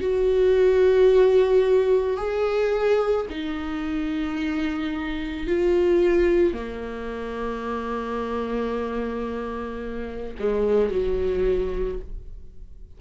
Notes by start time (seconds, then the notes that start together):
0.00 F#4
2.17 G#4
3.30 D#4
5.47 F4
6.53 A#3
10.39 G#3
10.89 F#3